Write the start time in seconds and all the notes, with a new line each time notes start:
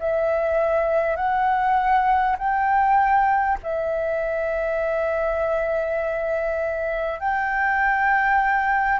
0.00 E5
1.16 F#5
2.38 G5
3.63 E5
7.19 G5